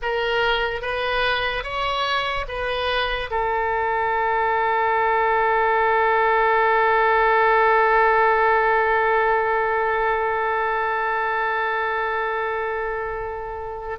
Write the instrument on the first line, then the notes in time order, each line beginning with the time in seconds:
oboe
0.02 A#4
0.81 B4
1.63 C#5
2.48 B4
3.30 A4